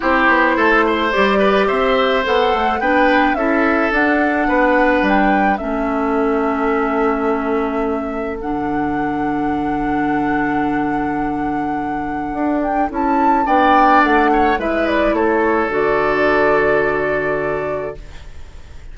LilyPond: <<
  \new Staff \with { instrumentName = "flute" } { \time 4/4 \tempo 4 = 107 c''2 d''4 e''4 | fis''4 g''4 e''4 fis''4~ | fis''4 g''4 e''2~ | e''2. fis''4~ |
fis''1~ | fis''2~ fis''8 g''8 a''4 | g''4 fis''4 e''8 d''8 cis''4 | d''1 | }
  \new Staff \with { instrumentName = "oboe" } { \time 4/4 g'4 a'8 c''4 b'8 c''4~ | c''4 b'4 a'2 | b'2 a'2~ | a'1~ |
a'1~ | a'1 | d''4. cis''8 b'4 a'4~ | a'1 | }
  \new Staff \with { instrumentName = "clarinet" } { \time 4/4 e'2 g'2 | a'4 d'4 e'4 d'4~ | d'2 cis'2~ | cis'2. d'4~ |
d'1~ | d'2. e'4 | d'2 e'2 | fis'1 | }
  \new Staff \with { instrumentName = "bassoon" } { \time 4/4 c'8 b8 a4 g4 c'4 | b8 a8 b4 cis'4 d'4 | b4 g4 a2~ | a2. d4~ |
d1~ | d2 d'4 cis'4 | b4 a4 gis4 a4 | d1 | }
>>